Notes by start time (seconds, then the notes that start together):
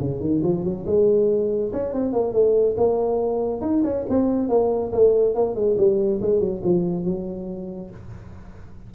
0.00 C#3
0.21 D#3
0.44 F3
0.65 F#3
0.87 G#3
1.73 C#4
1.93 C4
2.13 A#3
2.33 A3
2.78 A#3
3.62 D#4
3.84 C#4
4.10 C4
4.49 A#3
4.93 A3
5.35 A#3
5.56 G#3
5.78 G3
6.22 G#3
6.41 F#3
6.64 F3
7.05 F#3